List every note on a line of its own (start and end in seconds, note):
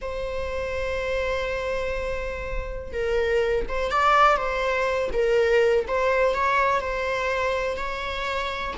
0.01 2.92 C5
2.92 3.66 A#4
3.68 3.91 C5
3.91 4.36 D5
4.36 5.10 C5
5.12 5.86 A#4
5.87 6.34 C5
6.34 6.80 C#5
6.80 7.76 C5
7.76 8.74 C#5